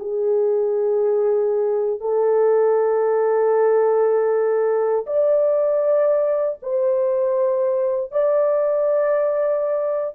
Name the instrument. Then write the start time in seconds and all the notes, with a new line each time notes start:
horn
0.00 G#4
2.01 A4
5.07 D5
6.62 C5
8.12 D5